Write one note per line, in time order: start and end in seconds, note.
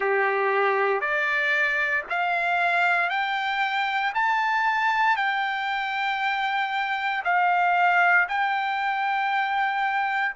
0.00 1.00 G4
1.00 2.04 D5
2.09 3.09 F5
3.09 4.12 G5
4.14 5.16 A5
5.16 7.23 G5
7.24 8.28 F5
8.28 10.35 G5